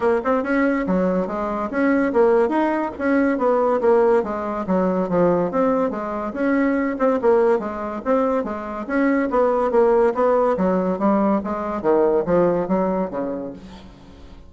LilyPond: \new Staff \with { instrumentName = "bassoon" } { \time 4/4 \tempo 4 = 142 ais8 c'8 cis'4 fis4 gis4 | cis'4 ais4 dis'4 cis'4 | b4 ais4 gis4 fis4 | f4 c'4 gis4 cis'4~ |
cis'8 c'8 ais4 gis4 c'4 | gis4 cis'4 b4 ais4 | b4 fis4 g4 gis4 | dis4 f4 fis4 cis4 | }